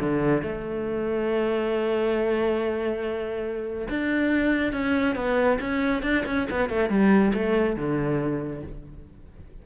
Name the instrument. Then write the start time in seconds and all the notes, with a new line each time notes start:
cello
0.00 D3
0.43 A3
3.90 D4
4.73 C#4
5.16 B3
5.61 C#4
6.03 D4
6.26 C#4
6.51 B3
6.70 A3
6.90 G3
7.34 A3
7.77 D3